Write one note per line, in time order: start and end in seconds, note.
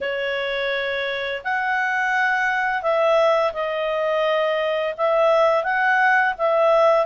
0.01 1.42 C#5
1.43 2.82 F#5
2.82 3.53 E5
3.53 4.94 D#5
4.97 5.63 E5
5.63 6.34 F#5
6.38 7.06 E5